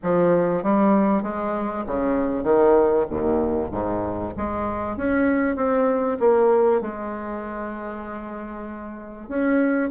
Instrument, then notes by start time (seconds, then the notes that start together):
bassoon
0.02 F3
0.63 G3
1.22 G#3
1.86 C#3
2.43 D#3
3.09 D#2
3.71 G#2
4.37 G#3
4.96 C#4
5.56 C4
6.19 A#3
6.81 G#3
9.28 C#4